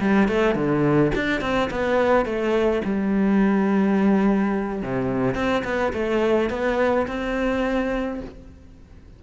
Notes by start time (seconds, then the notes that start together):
0.00 G3
0.28 A3
0.55 D3
1.15 D4
1.41 C4
1.70 B3
2.25 A3
2.84 G3
4.82 C3
5.34 C4
5.64 B3
5.93 A3
6.50 B3
7.07 C4